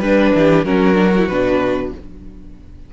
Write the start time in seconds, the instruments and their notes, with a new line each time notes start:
0.00 cello G3, viola D4, violin B4
0.34 cello E3, violin G4
0.64 cello F#3, viola C#4, violin F#4 A#4
0.94 viola D4
1.17 viola E4
1.27 cello B2, viola D4, violin B4